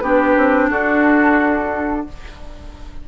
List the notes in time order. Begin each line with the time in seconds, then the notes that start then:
0.00 B3 D4 G4 B4
0.37 C4
0.70 D4 F#4 A4